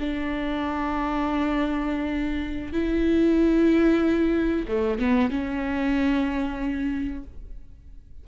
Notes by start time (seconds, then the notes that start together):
0.00 D4
2.73 E4
4.68 A3
4.99 B3
5.30 C#4